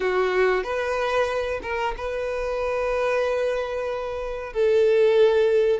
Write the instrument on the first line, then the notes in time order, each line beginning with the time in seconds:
violin
0.00 F#4
0.63 B4
1.62 A#4
1.97 B4
4.53 A4